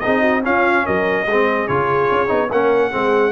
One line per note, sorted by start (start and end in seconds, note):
0.00 0.43 D#4
0.00 0.22 G#4
0.00 0.41 D#5
0.06 0.46 C4
0.22 0.42 F#4
0.43 1.26 C#4
0.43 0.88 C#4
0.43 0.86 F4
0.43 0.86 F5
0.86 1.26 F#3
0.86 1.27 A#4
0.86 1.68 D#5
1.26 1.68 G#3
1.26 1.69 C4
1.26 2.50 G#4
1.68 2.11 C#3
1.68 2.28 F4
1.68 2.51 C#5
2.12 2.31 C#4
2.28 2.51 B3
2.28 2.49 D#4
2.50 2.93 A#3
2.50 2.92 C#4
2.50 2.90 A#4
2.50 3.32 F#5
2.90 3.32 G#3
2.90 3.32 C4
2.90 3.32 G#4